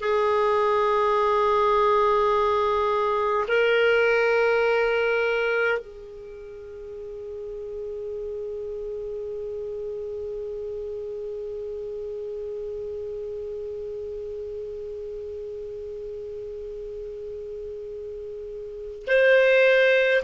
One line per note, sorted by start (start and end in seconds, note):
0.00 3.46 G#4
3.48 5.78 A#4
5.78 19.05 G#4
19.07 20.22 C5